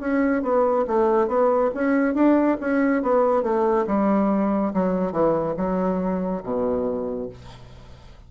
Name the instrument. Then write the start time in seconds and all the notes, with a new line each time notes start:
bassoon
0.00 C#4
0.42 B3
0.87 A3
1.27 B3
1.74 C#4
2.14 D4
2.60 C#4
3.02 B3
3.42 A3
3.86 G3
4.73 F#3
5.12 E3
5.57 F#3
6.43 B2